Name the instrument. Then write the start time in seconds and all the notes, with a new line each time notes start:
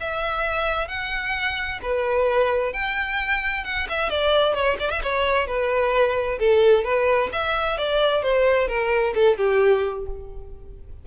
violin
0.00 E5
0.87 F#5
1.82 B4
2.73 G5
3.64 F#5
3.89 E5
4.10 D5
4.53 C#5
4.79 D5
4.90 E5
5.03 C#5
5.47 B4
6.39 A4
6.84 B4
7.32 E5
7.77 D5
8.22 C5
8.68 A#4
9.14 A4
9.37 G4